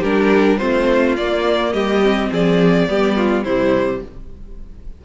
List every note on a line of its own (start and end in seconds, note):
0.00 0.61 G3
0.00 0.59 D4
0.00 0.57 G4
0.00 0.59 A#4
0.59 1.18 A3
0.59 1.17 C4
0.59 1.73 F4
0.59 1.16 C5
1.17 1.73 A#3
1.17 2.03 A#3
1.17 1.73 D5
1.73 2.30 G3
1.73 2.31 G4
1.73 2.30 D#5
2.03 2.88 C4
2.32 2.88 F3
2.32 2.89 G#4
2.32 3.44 D5
2.88 3.45 G3
2.88 3.46 B3
2.88 3.17 G4
3.17 3.45 F4
3.44 4.03 C3
3.44 4.05 G3
3.44 4.02 E4
3.44 4.02 C5